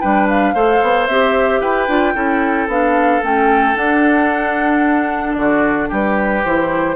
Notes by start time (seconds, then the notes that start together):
0.00 G3 D4 B4 G5
0.29 F5
0.54 A3 A4 C5
0.82 B3
1.07 C4 G4 E5
1.60 E4 B4 G5
1.88 D4 F4
2.15 C#4 E4 A4
2.67 B3 D4 F5
3.22 A3 C#4 G5
3.74 D4 F#5
5.33 D3 F#4 D5
5.89 G3 G4 B4
6.45 E3 E4 C5